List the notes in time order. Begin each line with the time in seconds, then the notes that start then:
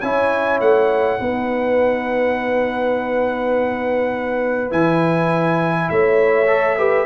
0.00 C#4 E4 C#5 G#5
0.60 A3 F#5
1.19 B3 D#4 B4
4.70 E3 E4 G#5
5.89 A3 C#5 E5
6.47 A4
6.78 G4 B4